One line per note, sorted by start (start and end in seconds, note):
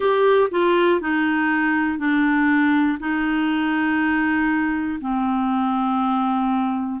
0.00 0.49 G4
0.50 1.00 F4
1.00 1.98 D#4
1.98 2.98 D4
3.00 5.00 D#4
5.00 7.00 C4